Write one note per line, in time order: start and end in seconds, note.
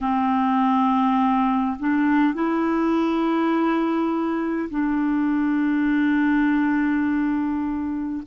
0.01 1.77 C4
1.79 2.34 D4
2.34 4.69 E4
4.70 8.22 D4